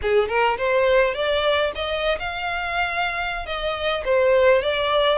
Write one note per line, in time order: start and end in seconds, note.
0.02 0.28 G#4
0.28 0.57 A#4
0.57 1.14 C5
1.14 1.72 D5
1.75 2.18 D#5
2.19 3.45 F5
3.45 4.03 D#5
4.04 4.62 C5
4.62 5.18 D5